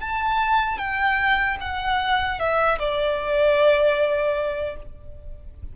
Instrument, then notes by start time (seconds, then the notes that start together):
violin
0.00 A5
0.78 G5
1.60 F#5
2.39 E5
2.78 D5